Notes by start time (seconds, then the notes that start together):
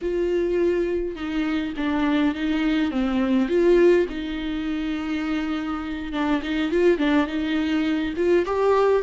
0.01 F4
1.15 D#4
1.76 D4
2.34 D#4
2.91 C4
3.48 F4
4.09 D#4
6.12 D4
6.42 D#4
6.71 F4
6.98 D4
7.26 D#4
8.16 F4
8.45 G4